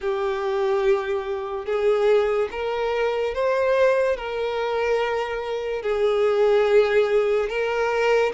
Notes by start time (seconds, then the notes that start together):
0.00 G4
1.65 G#4
2.51 A#4
3.34 C5
4.17 A#4
5.82 G#4
7.49 A#4